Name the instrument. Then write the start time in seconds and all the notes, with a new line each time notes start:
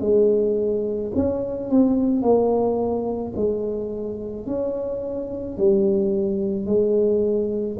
tuba
0.00 G#3
1.15 C#4
1.70 C4
2.21 A#3
3.36 G#3
4.46 C#4
5.58 G3
6.66 G#3